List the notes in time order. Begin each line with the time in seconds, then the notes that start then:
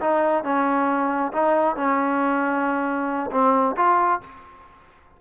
0.00 D#4
0.43 C#4
1.32 D#4
1.76 C#4
3.31 C4
3.76 F4